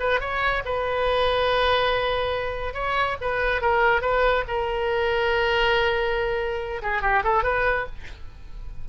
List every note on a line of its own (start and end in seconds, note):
0.00 0.20 B4
0.20 0.63 C#5
0.65 2.74 B4
2.74 3.17 C#5
3.21 3.62 B4
3.62 4.01 A#4
4.01 4.44 B4
4.48 6.82 A#4
6.82 7.02 G#4
7.02 7.23 G4
7.24 7.44 A4
7.44 7.86 B4